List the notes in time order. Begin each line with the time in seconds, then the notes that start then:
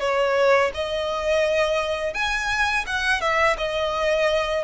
0.00 C#5
0.74 D#5
2.14 G#5
2.86 F#5
3.21 E5
3.57 D#5